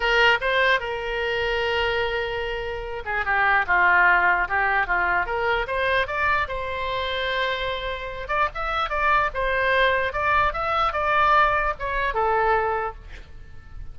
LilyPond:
\new Staff \with { instrumentName = "oboe" } { \time 4/4 \tempo 4 = 148 ais'4 c''4 ais'2~ | ais'2.~ ais'8 gis'8 | g'4 f'2 g'4 | f'4 ais'4 c''4 d''4 |
c''1~ | c''8 d''8 e''4 d''4 c''4~ | c''4 d''4 e''4 d''4~ | d''4 cis''4 a'2 | }